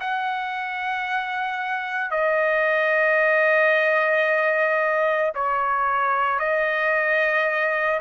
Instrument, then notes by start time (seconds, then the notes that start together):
trumpet
0.00 F#5
2.10 D#5
5.35 C#5
6.39 D#5